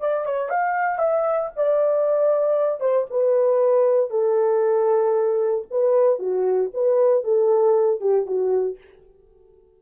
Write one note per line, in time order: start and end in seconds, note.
0.00 0.25 D5
0.25 0.49 C#5
0.49 0.98 F5
0.98 1.50 E5
1.56 2.80 D5
2.80 3.06 C5
3.10 4.10 B4
4.10 5.65 A4
5.70 6.19 B4
6.19 6.70 F#4
6.73 7.23 B4
7.23 8.00 A4
8.00 8.26 G4
8.26 8.77 F#4